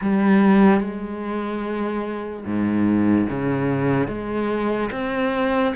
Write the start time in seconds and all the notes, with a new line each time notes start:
0.01 G3
0.80 G#3
2.45 G#2
3.29 C#3
4.07 G#3
4.91 C4